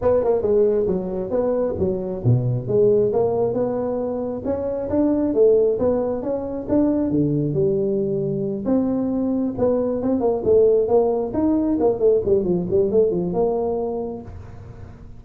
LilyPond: \new Staff \with { instrumentName = "tuba" } { \time 4/4 \tempo 4 = 135 b8 ais8 gis4 fis4 b4 | fis4 b,4 gis4 ais4 | b2 cis'4 d'4 | a4 b4 cis'4 d'4 |
d4 g2~ g8 c'8~ | c'4. b4 c'8 ais8 a8~ | a8 ais4 dis'4 ais8 a8 g8 | f8 g8 a8 f8 ais2 | }